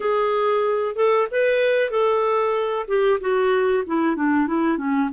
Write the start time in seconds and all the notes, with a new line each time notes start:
0.00 G#4
0.95 A4
1.31 B4
1.90 A4
2.87 G4
3.20 F#4
3.86 E4
4.16 D4
4.47 E4
4.77 C#4